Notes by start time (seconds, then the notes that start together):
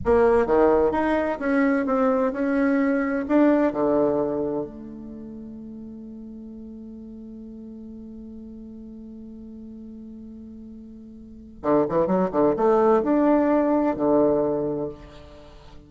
0.05 A#3
0.46 D#3
0.91 D#4
1.39 C#4
1.85 C4
2.32 C#4
3.28 D4
3.73 D3
4.64 A3
11.62 D3
11.88 E3
12.06 F#3
12.31 D3
12.56 A3
13.02 D4
13.95 D3